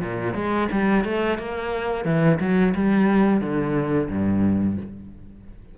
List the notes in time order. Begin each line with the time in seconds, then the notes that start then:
0.00 A#2
0.33 G#3
0.71 G3
1.04 A3
1.38 A#3
2.04 E3
2.40 F#3
2.75 G3
3.40 D3
4.09 G2